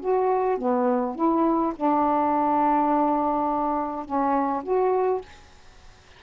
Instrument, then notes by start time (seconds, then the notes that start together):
saxophone
0.00 F#4
0.58 B3
1.16 E4
1.76 D4
4.05 C#4
4.64 F#4